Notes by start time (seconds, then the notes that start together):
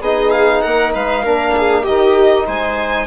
0.00 B3 D#4 G#4 D#5
0.31 F5
0.61 A#3 A#4 F#5
0.93 G#3 B4 F5
1.23 A#3 D4 A#4
1.57 G#4
1.82 D#3 D#4 G4 D#5
2.46 G#3 C5 G#5